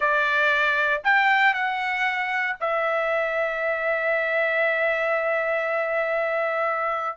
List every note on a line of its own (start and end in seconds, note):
0.00 1.01 D5
1.03 1.53 G5
1.53 2.56 F#5
2.60 7.17 E5